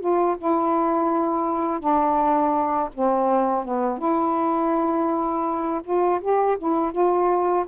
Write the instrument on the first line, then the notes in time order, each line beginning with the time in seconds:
saxophone
0.00 F4
0.39 E4
1.80 D4
2.95 C4
3.65 B3
3.99 E4
5.84 F4
6.21 G4
6.58 E4
6.92 F4